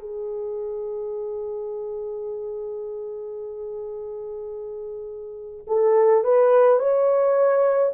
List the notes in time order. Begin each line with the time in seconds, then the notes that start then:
0.00 G#4
5.68 A4
6.25 B4
6.80 C#5